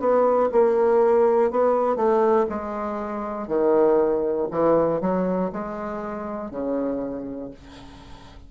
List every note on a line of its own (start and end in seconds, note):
0.00 0.50 B3
0.52 1.51 A#3
1.51 1.96 B3
1.96 2.46 A3
2.50 3.48 G#3
3.48 4.48 D#3
4.51 5.00 E3
5.00 5.50 F#3
5.52 6.50 G#3
6.50 7.50 C#3